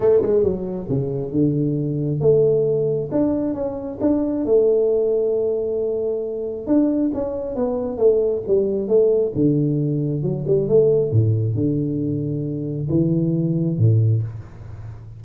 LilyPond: \new Staff \with { instrumentName = "tuba" } { \time 4/4 \tempo 4 = 135 a8 gis8 fis4 cis4 d4~ | d4 a2 d'4 | cis'4 d'4 a2~ | a2. d'4 |
cis'4 b4 a4 g4 | a4 d2 fis8 g8 | a4 a,4 d2~ | d4 e2 a,4 | }